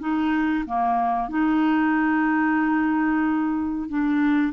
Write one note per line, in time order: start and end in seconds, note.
0.00 0.65 D#4
0.66 1.29 A#3
1.29 3.89 D#4
3.89 4.53 D4